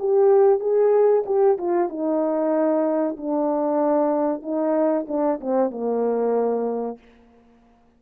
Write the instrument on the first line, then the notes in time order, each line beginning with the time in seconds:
horn
0.00 G4
0.60 G#4
1.26 G4
1.58 F4
1.89 D#4
3.17 D4
4.42 D#4
5.08 D4
5.41 C4
5.71 A#3